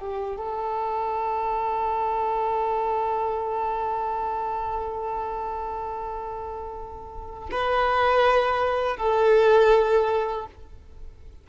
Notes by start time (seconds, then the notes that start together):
0.00 G4
0.37 A4
7.52 B4
8.97 A4